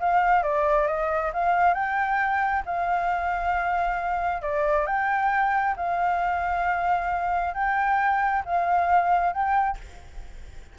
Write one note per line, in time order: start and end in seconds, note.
0.00 0.43 F5
0.43 0.87 D5
0.87 1.32 D#5
1.33 1.74 F5
1.74 2.63 G5
2.66 4.42 F5
4.42 4.86 D5
4.86 5.75 G5
5.77 7.54 F5
7.54 8.43 G5
8.45 9.33 F5
9.33 9.77 G5